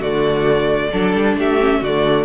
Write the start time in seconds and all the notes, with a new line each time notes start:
0.00 D3 A3 F#4 D5
0.93 F#3 D4 A4
1.14 G3
1.36 A3 G4 E5
1.60 C#4
1.82 D3 A3 F#4 D5